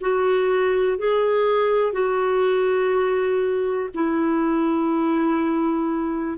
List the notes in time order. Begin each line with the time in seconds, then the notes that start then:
0.00 F#4
0.98 G#4
1.92 F#4
3.94 E4